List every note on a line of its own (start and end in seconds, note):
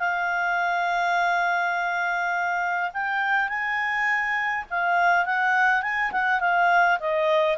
0.00 2.91 F5
2.94 3.49 G5
3.49 4.65 G#5
4.71 5.26 F5
5.26 5.83 F#5
5.83 6.12 G#5
6.12 6.41 F#5
6.41 6.99 F5
7.00 7.58 D#5